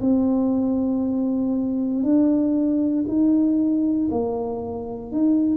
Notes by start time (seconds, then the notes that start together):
0.00 C4
2.03 D4
3.07 D#4
4.10 A#3
5.11 D#4